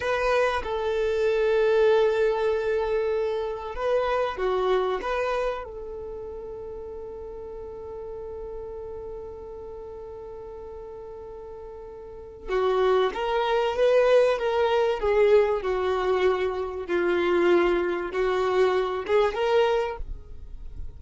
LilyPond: \new Staff \with { instrumentName = "violin" } { \time 4/4 \tempo 4 = 96 b'4 a'2.~ | a'2 b'4 fis'4 | b'4 a'2.~ | a'1~ |
a'1 | fis'4 ais'4 b'4 ais'4 | gis'4 fis'2 f'4~ | f'4 fis'4. gis'8 ais'4 | }